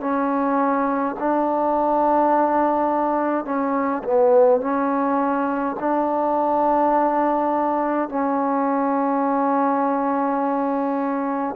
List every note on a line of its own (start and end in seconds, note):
0.00 1.15 C#4
1.19 3.45 D4
3.45 4.02 C#4
4.03 4.60 B3
4.60 5.76 C#4
5.79 8.09 D4
8.09 11.55 C#4